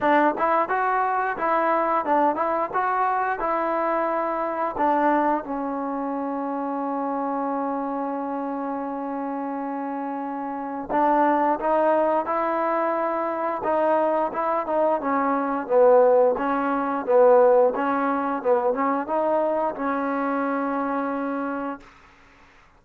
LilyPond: \new Staff \with { instrumentName = "trombone" } { \time 4/4 \tempo 4 = 88 d'8 e'8 fis'4 e'4 d'8 e'8 | fis'4 e'2 d'4 | cis'1~ | cis'1 |
d'4 dis'4 e'2 | dis'4 e'8 dis'8 cis'4 b4 | cis'4 b4 cis'4 b8 cis'8 | dis'4 cis'2. | }